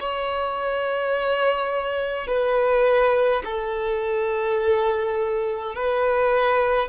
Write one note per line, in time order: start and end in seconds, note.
0.00 2.28 C#5
2.28 3.43 B4
3.45 5.75 A4
5.75 6.89 B4